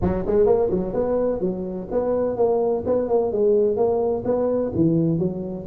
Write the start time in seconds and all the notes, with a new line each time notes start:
0.01 F#3
0.26 G#3
0.46 A#3
0.70 F#3
0.93 B3
1.40 F#3
1.91 B3
2.36 A#3
2.86 B3
3.08 A#3
3.32 G#3
3.76 A#3
4.25 B3
4.75 E3
5.18 F#3